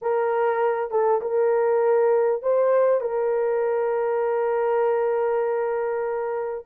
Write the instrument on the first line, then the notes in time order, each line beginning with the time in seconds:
horn
0.01 A#4
0.90 A4
1.21 A#4
2.42 C5
3.00 A#4